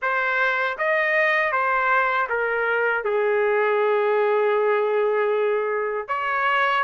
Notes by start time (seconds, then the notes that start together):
0.01 C5
0.78 D#5
1.52 C5
2.29 A#4
3.04 G#4
6.08 C#5